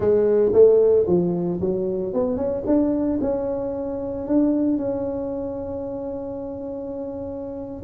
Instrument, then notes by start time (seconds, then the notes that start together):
tuba
0.00 G#3
0.52 A3
1.06 F3
1.60 F#3
2.13 B3
2.36 C#4
2.66 D4
3.21 C#4
4.27 D4
4.77 C#4